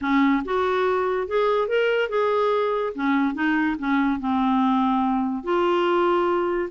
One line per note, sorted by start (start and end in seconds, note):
0.01 0.43 C#4
0.44 1.27 F#4
1.27 1.68 G#4
1.68 2.09 A#4
2.09 2.93 G#4
2.94 3.34 C#4
3.34 3.76 D#4
3.78 4.19 C#4
4.19 5.43 C4
5.43 6.69 F4